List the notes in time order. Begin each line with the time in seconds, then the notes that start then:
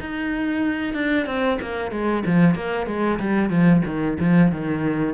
0.00 D#4
0.94 D4
1.26 C4
1.61 A#3
1.91 G#3
2.26 F3
2.55 A#3
2.87 G#3
3.19 G3
3.50 F3
3.85 D#3
4.20 F3
4.52 D#3